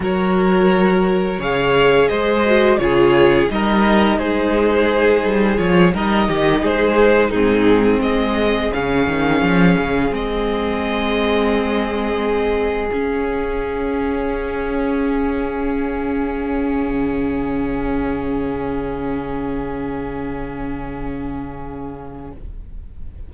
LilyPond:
<<
  \new Staff \with { instrumentName = "violin" } { \time 4/4 \tempo 4 = 86 cis''2 f''4 dis''4 | cis''4 dis''4 c''2 | cis''8 dis''4 c''4 gis'4 dis''8~ | dis''8 f''2 dis''4.~ |
dis''2~ dis''8 f''4.~ | f''1~ | f''1~ | f''1 | }
  \new Staff \with { instrumentName = "violin" } { \time 4/4 ais'2 cis''4 c''4 | gis'4 ais'4 gis'2~ | gis'8 ais'8 g'8 gis'4 dis'4 gis'8~ | gis'1~ |
gis'1~ | gis'1~ | gis'1~ | gis'1 | }
  \new Staff \with { instrumentName = "viola" } { \time 4/4 fis'2 gis'4. fis'8 | f'4 dis'2. | f'8 dis'2 c'4.~ | c'8 cis'2 c'4.~ |
c'2~ c'8 cis'4.~ | cis'1~ | cis'1~ | cis'1 | }
  \new Staff \with { instrumentName = "cello" } { \time 4/4 fis2 cis4 gis4 | cis4 g4 gis4. g8 | f8 g8 dis8 gis4 gis,4 gis8~ | gis8 cis8 dis8 f8 cis8 gis4.~ |
gis2~ gis8 cis'4.~ | cis'1~ | cis'16 cis2.~ cis8.~ | cis1 | }
>>